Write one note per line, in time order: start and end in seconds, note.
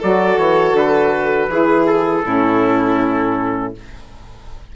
0.00 0.38 F#3
0.00 1.50 F#4
0.00 1.50 A4
0.00 0.39 D5
0.38 0.74 E3
0.38 0.76 C#5
0.74 1.48 D3
0.74 1.87 B4
1.48 2.23 E3
1.48 2.24 E4
1.48 2.26 G#4
1.87 3.74 A4
2.24 3.75 A2
2.24 3.74 C#4
2.24 3.76 E4